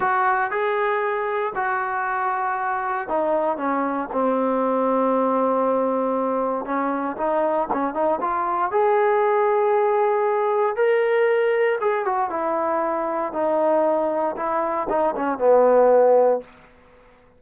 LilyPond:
\new Staff \with { instrumentName = "trombone" } { \time 4/4 \tempo 4 = 117 fis'4 gis'2 fis'4~ | fis'2 dis'4 cis'4 | c'1~ | c'4 cis'4 dis'4 cis'8 dis'8 |
f'4 gis'2.~ | gis'4 ais'2 gis'8 fis'8 | e'2 dis'2 | e'4 dis'8 cis'8 b2 | }